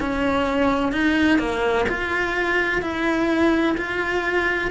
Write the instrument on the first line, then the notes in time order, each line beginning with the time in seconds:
cello
0.00 C#4
0.92 D#4
1.39 A#3
1.89 F4
2.82 E4
3.78 F4